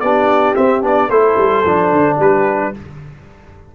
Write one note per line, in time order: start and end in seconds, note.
0.00 0.55 B3
0.00 0.55 D4
0.00 1.10 G4
0.00 0.54 D5
0.55 0.82 C4
0.55 0.82 E5
0.82 1.09 B3
0.82 1.09 D4
0.82 1.10 D5
1.09 1.36 A3
1.09 1.65 E4
1.09 2.16 A4
1.09 2.18 C5
1.37 1.64 G3
1.65 1.92 F3
1.65 2.73 D4
1.92 2.18 D3
2.16 2.72 G3
2.16 2.70 G4
2.16 2.75 B4